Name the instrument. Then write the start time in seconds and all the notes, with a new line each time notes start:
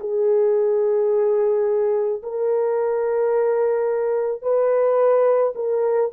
horn
0.00 G#4
2.23 A#4
4.42 B4
5.56 A#4